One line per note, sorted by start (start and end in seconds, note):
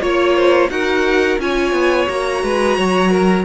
0.00 0.69 A#3
0.00 0.69 F4
0.00 0.36 C#5
0.00 0.70 C#5
0.36 0.70 C5
0.69 1.38 D#4
0.69 1.39 F#4
0.69 1.41 A#4
0.69 1.39 F#5
1.39 1.73 C#4
1.39 2.08 F4
1.39 2.44 C#5
1.39 2.09 G#5
1.73 2.07 B3
2.08 2.43 A#3
2.08 3.46 F#4
2.08 3.46 A#5
2.43 2.78 G#3
2.43 2.77 B4
2.77 3.46 F#3
2.77 3.11 C#5
3.11 3.46 A#4